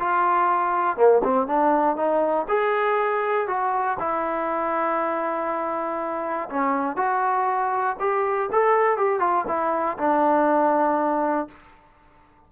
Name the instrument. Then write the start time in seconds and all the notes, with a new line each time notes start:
trombone
0.00 F4
0.97 A#3
1.24 C4
1.47 D4
1.97 D#4
2.49 G#4
3.48 F#4
4.00 E4
6.50 C#4
6.97 F#4
8.00 G4
8.53 A4
8.97 G4
9.20 F4
9.48 E4
9.98 D4